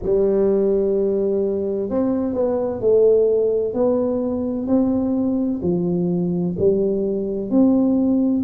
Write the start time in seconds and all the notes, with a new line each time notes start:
0.02 G3
1.89 C4
2.34 B3
2.80 A3
3.73 B3
4.66 C4
5.62 F3
6.58 G3
7.50 C4